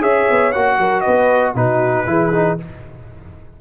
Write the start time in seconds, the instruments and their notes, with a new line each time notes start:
0.00 tuba C#4, trombone G#4, horn C#5, trumpet E5
0.30 tuba B3
0.52 tuba A#3, trombone F#4, trumpet F#5
0.78 tuba F#3, horn A#4
1.00 horn B4, trumpet D#5
1.07 tuba B3
1.54 tuba B2, trombone D#4, horn F#4, trumpet B4
2.06 tuba E3, trombone E4, horn G#4
2.32 trombone D#4